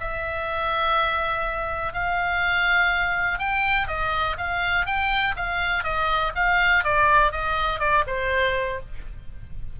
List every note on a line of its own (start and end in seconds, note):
0.00 1.93 E5
1.93 3.39 F5
3.39 3.87 G5
3.88 4.36 D#5
4.37 4.86 F5
4.86 5.35 G5
5.36 5.83 F5
5.83 6.32 D#5
6.35 6.84 F5
6.84 7.31 D5
7.31 7.79 D#5
7.79 8.04 D5
8.07 8.80 C5